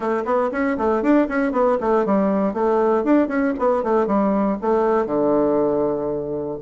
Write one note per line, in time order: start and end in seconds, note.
0.00 0.23 A3
0.25 0.50 B3
0.51 0.77 C#4
0.77 1.02 A3
1.02 1.27 D4
1.28 1.52 C#4
1.52 1.77 B3
1.80 2.05 A3
2.05 2.53 G3
2.53 3.03 A3
3.03 3.28 D4
3.28 3.53 C#4
3.58 3.83 B3
3.83 4.07 A3
4.07 4.57 G3
4.61 5.05 A3
5.05 6.58 D3